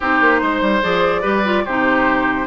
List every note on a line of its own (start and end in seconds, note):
0.00 0.20 C4
0.00 0.82 D#4
0.00 0.40 G4
0.00 0.83 C5
0.20 0.41 A#3
0.42 0.61 G#3
0.42 1.21 C5
0.61 0.81 G3
0.82 1.23 F3
0.82 1.22 G#4
0.82 1.65 D5
1.21 1.65 G3
1.21 1.43 G4
1.21 1.63 B4
1.44 1.65 F4
1.65 2.46 C3
1.65 2.46 D#4
1.65 2.46 G4
1.65 2.46 C5